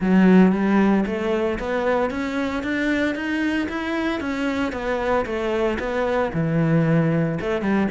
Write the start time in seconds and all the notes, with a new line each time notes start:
0.00 F#3
0.52 G3
1.06 A3
1.59 B3
2.10 C#4
2.63 D4
3.15 D#4
3.68 E4
4.20 C#4
4.72 B3
5.25 A3
5.79 B3
6.33 E3
7.40 A3
7.61 G3